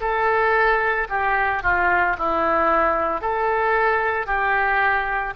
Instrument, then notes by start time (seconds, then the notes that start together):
oboe
0.00 A4
1.09 G4
1.63 F4
2.18 E4
3.21 A4
4.26 G4